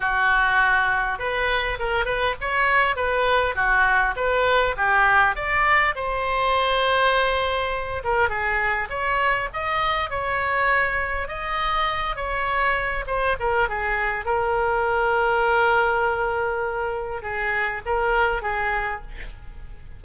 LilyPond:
\new Staff \with { instrumentName = "oboe" } { \time 4/4 \tempo 4 = 101 fis'2 b'4 ais'8 b'8 | cis''4 b'4 fis'4 b'4 | g'4 d''4 c''2~ | c''4. ais'8 gis'4 cis''4 |
dis''4 cis''2 dis''4~ | dis''8 cis''4. c''8 ais'8 gis'4 | ais'1~ | ais'4 gis'4 ais'4 gis'4 | }